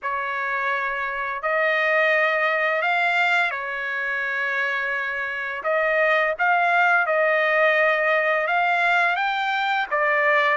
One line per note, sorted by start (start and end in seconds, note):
0.02 1.42 C#5
1.42 2.82 D#5
2.82 3.51 F5
3.51 5.62 C#5
5.63 6.34 D#5
6.38 7.06 F5
7.06 8.47 D#5
8.47 9.15 F5
9.15 9.86 G5
9.90 10.57 D5